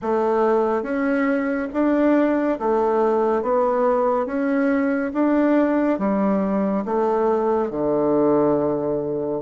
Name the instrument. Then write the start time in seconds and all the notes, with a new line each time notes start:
bassoon
0.02 A3
0.82 C#4
1.73 D4
2.59 A3
3.42 B3
4.25 C#4
5.13 D4
5.98 G3
6.85 A3
7.70 D3